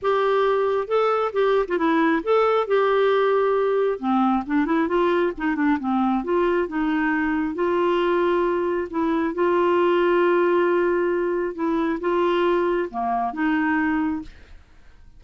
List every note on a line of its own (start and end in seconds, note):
0.02 0.87 G4
0.87 1.32 A4
1.32 1.65 G4
1.68 1.78 F4
1.78 2.22 E4
2.23 2.67 A4
2.67 3.99 G4
3.99 4.43 C4
4.46 4.65 D4
4.65 4.88 E4
4.88 5.32 F4
5.37 5.55 D#4
5.55 5.78 D4
5.79 6.23 C4
6.23 6.67 F4
6.67 7.54 D#4
7.54 8.88 F4
8.90 9.34 E4
9.34 11.54 F4
11.54 11.99 E4
12.00 12.89 F4
12.90 13.33 A#3
13.33 14.22 D#4